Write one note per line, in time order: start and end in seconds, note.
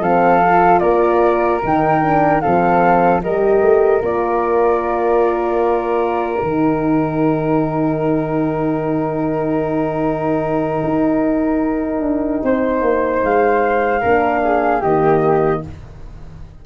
0.00 0.80 F3
0.00 0.42 C4
0.00 0.80 A4
0.00 0.79 F5
0.43 1.63 F4
0.79 1.63 A#3
0.79 2.42 A#4
0.79 1.59 D5
1.63 2.44 D#3
1.63 2.02 D#4
1.63 2.41 G5
2.02 2.42 D4
2.41 3.26 F3
2.41 3.22 C4
2.41 3.22 A4
2.41 3.21 F5
3.23 3.62 G3
3.23 4.02 G4
3.23 12.44 A#4
3.23 4.03 D#5
3.62 4.02 A3
4.02 6.42 A#3
4.02 6.42 F4
4.02 6.44 D5
6.43 10.83 D#3
6.43 14.03 D#4
6.43 13.24 G5
10.84 12.01 D#4
12.01 12.41 D4
12.43 12.82 C4
12.43 14.01 C5
12.82 13.22 A#3
13.23 14.03 G#3
13.23 14.82 F5
14.01 14.83 A#3
14.01 14.83 D4
14.01 14.41 A#4
14.44 14.81 G#4
14.81 15.63 D#3
14.81 15.66 A#3
14.81 15.61 G4
14.81 15.62 D#5